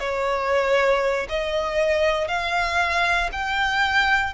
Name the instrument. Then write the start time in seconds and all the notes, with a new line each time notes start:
violin
0.00 C#5
1.29 D#5
2.28 F5
3.33 G5